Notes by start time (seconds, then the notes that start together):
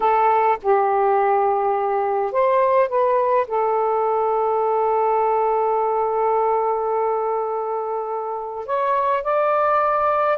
0.00 A4
0.62 G4
2.32 C5
2.88 B4
3.47 A4
8.65 C#5
9.23 D5